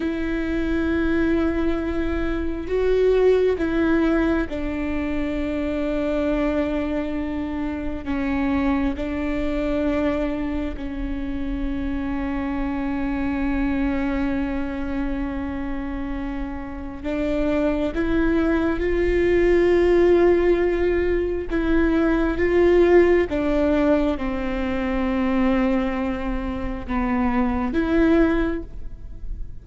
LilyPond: \new Staff \with { instrumentName = "viola" } { \time 4/4 \tempo 4 = 67 e'2. fis'4 | e'4 d'2.~ | d'4 cis'4 d'2 | cis'1~ |
cis'2. d'4 | e'4 f'2. | e'4 f'4 d'4 c'4~ | c'2 b4 e'4 | }